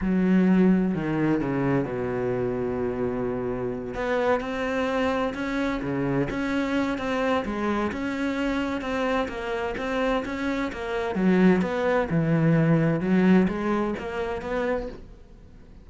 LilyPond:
\new Staff \with { instrumentName = "cello" } { \time 4/4 \tempo 4 = 129 fis2 dis4 cis4 | b,1~ | b,8 b4 c'2 cis'8~ | cis'8 cis4 cis'4. c'4 |
gis4 cis'2 c'4 | ais4 c'4 cis'4 ais4 | fis4 b4 e2 | fis4 gis4 ais4 b4 | }